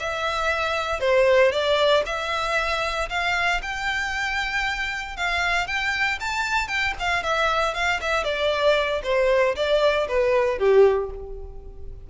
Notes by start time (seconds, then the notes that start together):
0.00 E5
1.00 C5
1.52 D5
2.06 E5
3.10 F5
3.63 G5
5.17 F5
5.68 G5
6.20 A5
6.68 G5
7.00 F5
7.23 E5
7.74 F5
8.01 E5
8.24 D5
9.04 C5
9.56 D5
10.08 B4
10.59 G4